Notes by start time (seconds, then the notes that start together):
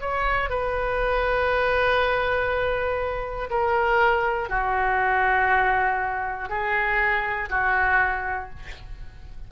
0.00 C#5
0.50 B4
3.50 A#4
4.49 F#4
6.49 G#4
7.50 F#4